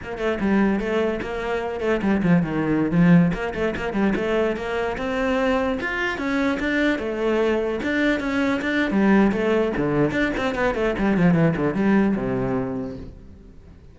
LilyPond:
\new Staff \with { instrumentName = "cello" } { \time 4/4 \tempo 4 = 148 ais8 a8 g4 a4 ais4~ | ais8 a8 g8 f8 dis4~ dis16 f8.~ | f16 ais8 a8 ais8 g8 a4 ais8.~ | ais16 c'2 f'4 cis'8.~ |
cis'16 d'4 a2 d'8.~ | d'16 cis'4 d'8. g4 a4 | d4 d'8 c'8 b8 a8 g8 f8 | e8 d8 g4 c2 | }